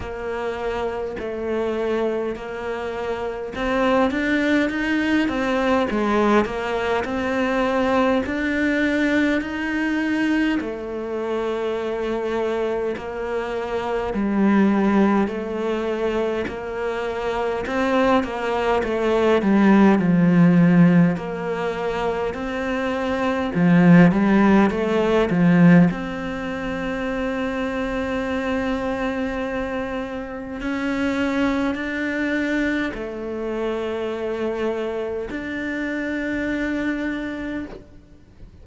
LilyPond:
\new Staff \with { instrumentName = "cello" } { \time 4/4 \tempo 4 = 51 ais4 a4 ais4 c'8 d'8 | dis'8 c'8 gis8 ais8 c'4 d'4 | dis'4 a2 ais4 | g4 a4 ais4 c'8 ais8 |
a8 g8 f4 ais4 c'4 | f8 g8 a8 f8 c'2~ | c'2 cis'4 d'4 | a2 d'2 | }